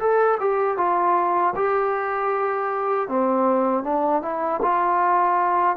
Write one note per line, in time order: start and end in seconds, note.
0.00 0.38 A4
0.40 0.78 G4
0.78 1.55 F4
1.56 3.09 G4
3.09 3.84 C4
3.84 4.23 D4
4.23 4.61 E4
4.63 5.77 F4